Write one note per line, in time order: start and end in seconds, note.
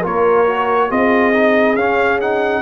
0.00 0.91 A#3
0.00 0.46 F4
0.00 0.87 A#4
0.00 0.91 C#5
0.46 0.90 F#4
0.89 1.75 C4
0.89 1.33 F4
0.89 2.62 G#4
0.89 1.76 D#5
1.33 1.77 D#4
1.75 2.62 C#4
1.75 2.21 C#4
1.75 2.19 F5
2.21 2.62 D#4
2.21 2.62 F#5